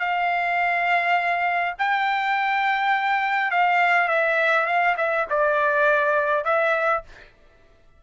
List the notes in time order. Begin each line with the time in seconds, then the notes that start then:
0.00 F5
1.79 G5
3.51 F5
4.09 E5
4.67 F5
4.98 E5
5.30 D5
6.45 E5